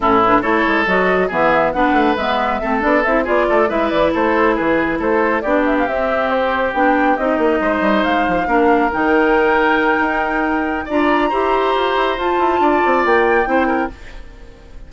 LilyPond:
<<
  \new Staff \with { instrumentName = "flute" } { \time 4/4 \tempo 4 = 138 a'8 b'8 cis''4 dis''4 e''4 | fis''4 e''4. d''8 e''8 d''8~ | d''8 e''8 d''8 c''4 b'4 c''8~ | c''8 d''8 e''16 f''16 e''4 c''4 g''8~ |
g''8 dis''2 f''4.~ | f''8 g''2.~ g''8~ | g''4 ais''2. | a''2 g''2 | }
  \new Staff \with { instrumentName = "oboe" } { \time 4/4 e'4 a'2 gis'4 | b'2 a'4. gis'8 | a'8 b'4 a'4 gis'4 a'8~ | a'8 g'2.~ g'8~ |
g'4. c''2 ais'8~ | ais'1~ | ais'4 d''4 c''2~ | c''4 d''2 c''8 ais'8 | }
  \new Staff \with { instrumentName = "clarinet" } { \time 4/4 cis'8 d'8 e'4 fis'4 b4 | d'4 b4 c'8 d'8 e'8 f'8~ | f'8 e'2.~ e'8~ | e'8 d'4 c'2 d'8~ |
d'8 dis'2. d'8~ | d'8 dis'2.~ dis'8~ | dis'4 f'4 g'2 | f'2. e'4 | }
  \new Staff \with { instrumentName = "bassoon" } { \time 4/4 a,4 a8 gis8 fis4 e4 | b8 a8 gis4 a8 b8 c'8 b8 | a8 gis8 e8 a4 e4 a8~ | a8 b4 c'2 b8~ |
b8 c'8 ais8 gis8 g8 gis8 f8 ais8~ | ais8 dis2~ dis8 dis'4~ | dis'4 d'4 e'4 f'8 e'8 | f'8 e'8 d'8 c'8 ais4 c'4 | }
>>